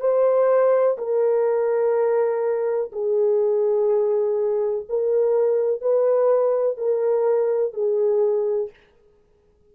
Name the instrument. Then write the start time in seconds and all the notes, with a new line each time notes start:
horn
0.00 C5
0.98 A#4
2.92 G#4
4.89 A#4
5.81 B4
6.77 A#4
7.73 G#4